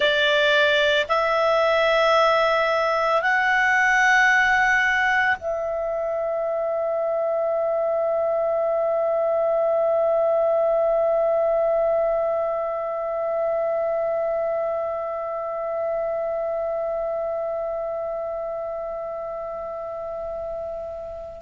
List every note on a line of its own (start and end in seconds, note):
0.00 1.06 D5
1.08 3.21 E5
3.21 5.36 F#5
5.39 21.42 E5